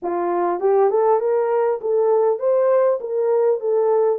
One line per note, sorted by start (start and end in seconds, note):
0.02 0.60 F4
0.60 0.90 G4
0.90 1.20 A4
1.20 1.80 A#4
1.81 2.39 A4
2.39 2.99 C5
3.00 3.60 A#4
3.60 4.18 A4